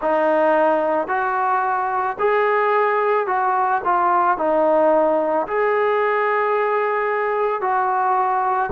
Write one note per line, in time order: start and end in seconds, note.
0.01 1.07 D#4
1.07 2.16 F#4
2.19 3.27 G#4
3.27 3.81 F#4
3.84 4.37 F4
4.37 5.46 D#4
5.47 7.61 G#4
7.61 8.70 F#4